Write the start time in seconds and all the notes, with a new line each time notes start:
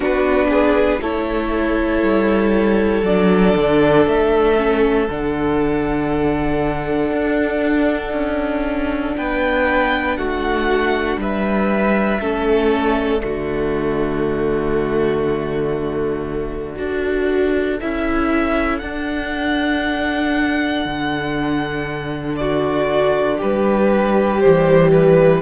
0.00 B3 D4 F#4 B4
0.49 G#4
1.00 A3 E4 A4 C#5
2.02 G3
3.03 F#3 D4 D5
3.56 D3
4.07 A3 E5
4.56 C#4
5.09 D3 D4 F#5
7.11 D4
8.12 C#4
9.16 B3 B4 G5
10.17 A3 F#4 F#5
11.17 G3 B4 E5
12.19 A3 C#4 A4
12.72 D5
13.19 D3 A3 F#4
16.76 D4 F#4 A4
17.80 C#4 E4 E5
18.79 D4 F#5
20.85 D3
22.36 F#4 D5
23.37 G3 G4 B4
24.39 E3 G3 C5
24.92 B4